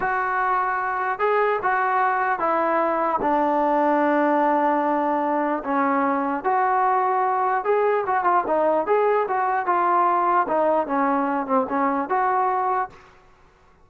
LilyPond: \new Staff \with { instrumentName = "trombone" } { \time 4/4 \tempo 4 = 149 fis'2. gis'4 | fis'2 e'2 | d'1~ | d'2 cis'2 |
fis'2. gis'4 | fis'8 f'8 dis'4 gis'4 fis'4 | f'2 dis'4 cis'4~ | cis'8 c'8 cis'4 fis'2 | }